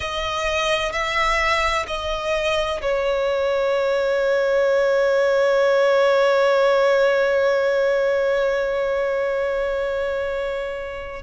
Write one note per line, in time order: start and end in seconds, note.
0.00 0.92 D#5
0.92 1.86 E5
1.87 2.81 D#5
2.81 11.22 C#5